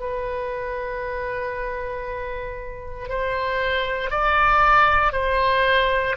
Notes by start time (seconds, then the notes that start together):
0.00 B4
3.09 C5
4.11 D5
5.13 C5